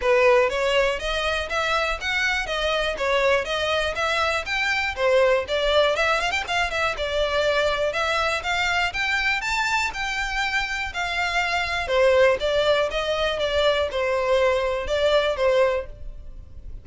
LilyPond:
\new Staff \with { instrumentName = "violin" } { \time 4/4 \tempo 4 = 121 b'4 cis''4 dis''4 e''4 | fis''4 dis''4 cis''4 dis''4 | e''4 g''4 c''4 d''4 | e''8 f''16 g''16 f''8 e''8 d''2 |
e''4 f''4 g''4 a''4 | g''2 f''2 | c''4 d''4 dis''4 d''4 | c''2 d''4 c''4 | }